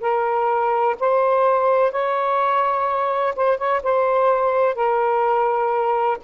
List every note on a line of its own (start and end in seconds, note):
0.00 0.95 A#4
0.99 1.91 C5
1.91 3.34 C#5
3.35 3.57 C5
3.57 3.81 C#5
3.82 4.74 C5
4.74 6.17 A#4